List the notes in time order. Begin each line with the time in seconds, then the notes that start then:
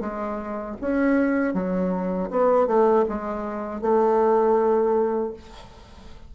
0.00 G#3
0.81 C#4
1.54 F#3
2.30 B3
2.67 A3
3.08 G#3
3.81 A3